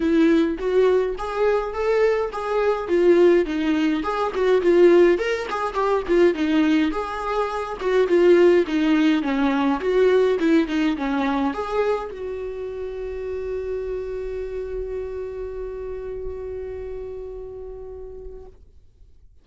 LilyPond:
\new Staff \with { instrumentName = "viola" } { \time 4/4 \tempo 4 = 104 e'4 fis'4 gis'4 a'4 | gis'4 f'4 dis'4 gis'8 fis'8 | f'4 ais'8 gis'8 g'8 f'8 dis'4 | gis'4. fis'8 f'4 dis'4 |
cis'4 fis'4 e'8 dis'8 cis'4 | gis'4 fis'2.~ | fis'1~ | fis'1 | }